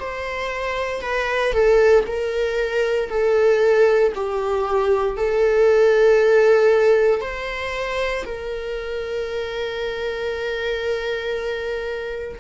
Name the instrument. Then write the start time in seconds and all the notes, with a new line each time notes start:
viola
0.00 C5
1.02 B4
1.53 A4
2.07 A#4
3.10 A4
4.16 G4
5.17 A4
7.21 C5
8.26 A#4